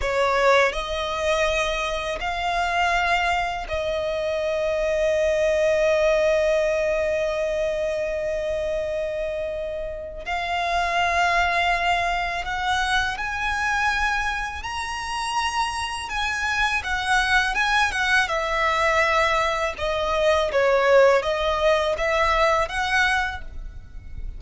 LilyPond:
\new Staff \with { instrumentName = "violin" } { \time 4/4 \tempo 4 = 82 cis''4 dis''2 f''4~ | f''4 dis''2.~ | dis''1~ | dis''2 f''2~ |
f''4 fis''4 gis''2 | ais''2 gis''4 fis''4 | gis''8 fis''8 e''2 dis''4 | cis''4 dis''4 e''4 fis''4 | }